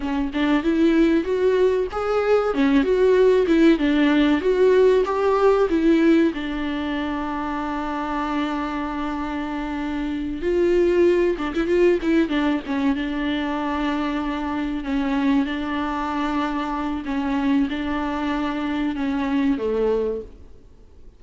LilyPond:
\new Staff \with { instrumentName = "viola" } { \time 4/4 \tempo 4 = 95 cis'8 d'8 e'4 fis'4 gis'4 | cis'8 fis'4 e'8 d'4 fis'4 | g'4 e'4 d'2~ | d'1~ |
d'8 f'4. d'16 e'16 f'8 e'8 d'8 | cis'8 d'2. cis'8~ | cis'8 d'2~ d'8 cis'4 | d'2 cis'4 a4 | }